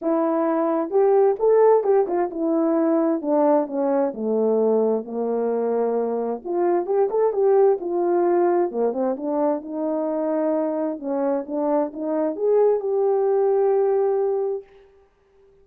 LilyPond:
\new Staff \with { instrumentName = "horn" } { \time 4/4 \tempo 4 = 131 e'2 g'4 a'4 | g'8 f'8 e'2 d'4 | cis'4 a2 ais4~ | ais2 f'4 g'8 a'8 |
g'4 f'2 ais8 c'8 | d'4 dis'2. | cis'4 d'4 dis'4 gis'4 | g'1 | }